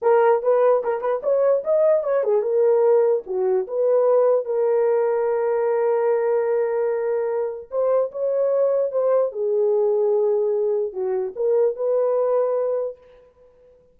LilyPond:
\new Staff \with { instrumentName = "horn" } { \time 4/4 \tempo 4 = 148 ais'4 b'4 ais'8 b'8 cis''4 | dis''4 cis''8 gis'8 ais'2 | fis'4 b'2 ais'4~ | ais'1~ |
ais'2. c''4 | cis''2 c''4 gis'4~ | gis'2. fis'4 | ais'4 b'2. | }